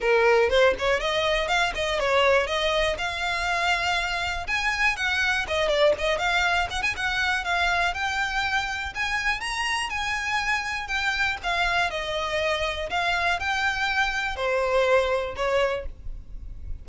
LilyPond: \new Staff \with { instrumentName = "violin" } { \time 4/4 \tempo 4 = 121 ais'4 c''8 cis''8 dis''4 f''8 dis''8 | cis''4 dis''4 f''2~ | f''4 gis''4 fis''4 dis''8 d''8 | dis''8 f''4 fis''16 gis''16 fis''4 f''4 |
g''2 gis''4 ais''4 | gis''2 g''4 f''4 | dis''2 f''4 g''4~ | g''4 c''2 cis''4 | }